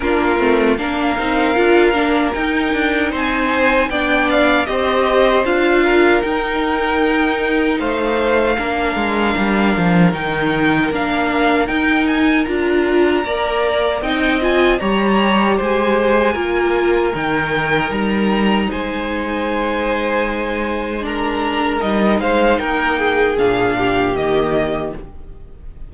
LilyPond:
<<
  \new Staff \with { instrumentName = "violin" } { \time 4/4 \tempo 4 = 77 ais'4 f''2 g''4 | gis''4 g''8 f''8 dis''4 f''4 | g''2 f''2~ | f''4 g''4 f''4 g''8 gis''8 |
ais''2 g''8 gis''8 ais''4 | gis''2 g''4 ais''4 | gis''2. ais''4 | dis''8 f''8 g''4 f''4 dis''4 | }
  \new Staff \with { instrumentName = "violin" } { \time 4/4 f'4 ais'2. | c''4 d''4 c''4. ais'8~ | ais'2 c''4 ais'4~ | ais'1~ |
ais'4 d''4 dis''4 cis''4 | c''4 ais'2. | c''2. ais'4~ | ais'8 c''8 ais'8 gis'4 g'4. | }
  \new Staff \with { instrumentName = "viola" } { \time 4/4 d'8 c'8 d'8 dis'8 f'8 d'8 dis'4~ | dis'4 d'4 g'4 f'4 | dis'2. d'4~ | d'4 dis'4 d'4 dis'4 |
f'4 ais'4 dis'8 f'8 g'4~ | g'4 f'4 dis'2~ | dis'2. d'4 | dis'2 d'4 ais4 | }
  \new Staff \with { instrumentName = "cello" } { \time 4/4 ais8 a8 ais8 c'8 d'8 ais8 dis'8 d'8 | c'4 b4 c'4 d'4 | dis'2 a4 ais8 gis8 | g8 f8 dis4 ais4 dis'4 |
d'4 ais4 c'4 g4 | gis4 ais4 dis4 g4 | gis1 | g8 gis8 ais4 ais,4 dis4 | }
>>